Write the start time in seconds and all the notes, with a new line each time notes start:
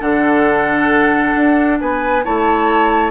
0.00 D3 D4 A4 F#5
1.36 D4
1.80 B3 B4 G#5
2.24 A3 E4 C#5 A5